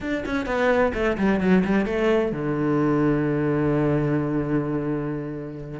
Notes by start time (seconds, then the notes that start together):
0.00 D4
0.25 C#4
0.45 B3
0.93 A3
1.17 G3
1.40 F#3
1.64 G3
1.85 A3
2.32 D3